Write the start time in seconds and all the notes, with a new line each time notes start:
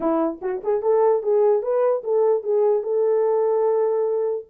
0.00 E4
0.41 F#4
0.63 G#4
0.82 A4
1.23 G#4
1.62 B4
2.03 A4
2.43 G#4
2.82 A4